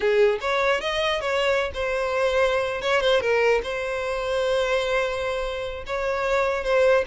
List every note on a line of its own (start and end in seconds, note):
0.00 0.39 G#4
0.40 0.80 C#5
0.80 1.20 D#5
1.20 1.71 C#5
1.74 2.81 C5
2.81 3.00 C#5
3.00 3.20 C5
3.20 3.61 A#4
3.63 5.84 C5
5.86 6.64 C#5
6.64 7.04 C5